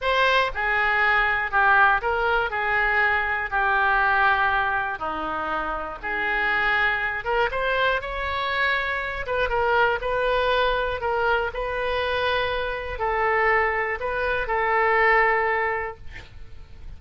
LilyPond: \new Staff \with { instrumentName = "oboe" } { \time 4/4 \tempo 4 = 120 c''4 gis'2 g'4 | ais'4 gis'2 g'4~ | g'2 dis'2 | gis'2~ gis'8 ais'8 c''4 |
cis''2~ cis''8 b'8 ais'4 | b'2 ais'4 b'4~ | b'2 a'2 | b'4 a'2. | }